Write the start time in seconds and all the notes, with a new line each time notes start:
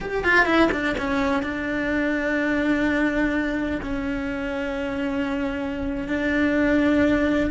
0.00 G4
0.24 F4
0.45 E4
0.71 D4
0.97 C#4
1.42 D4
3.82 C#4
6.08 D4